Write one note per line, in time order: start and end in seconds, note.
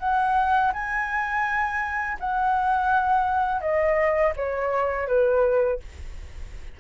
0.00 0.72 F#5
0.73 2.18 G#5
2.20 3.61 F#5
3.61 4.33 D#5
4.36 5.08 C#5
5.08 5.80 B4